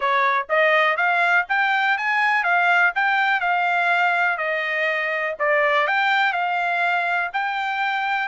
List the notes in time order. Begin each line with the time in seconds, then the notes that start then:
0.00 C#5
0.49 D#5
0.96 F5
1.49 G5
1.97 G#5
2.43 F5
2.95 G5
3.40 F5
4.37 D#5
5.39 D5
5.87 G5
6.32 F5
7.33 G5